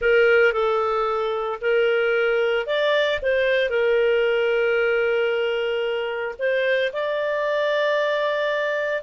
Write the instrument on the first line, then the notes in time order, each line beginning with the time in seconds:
clarinet
0.01 A#4
0.53 A4
1.61 A#4
2.66 D5
3.22 C5
3.69 A#4
6.39 C5
6.92 D5